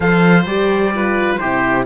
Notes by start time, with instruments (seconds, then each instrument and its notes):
0.00 cello F3, horn A4, oboe C5, trumpet F5
0.45 cello G3, horn G4, trumpet D5
0.93 horn F4, oboe B4
1.37 cello C3, horn E4, oboe G4, trumpet C5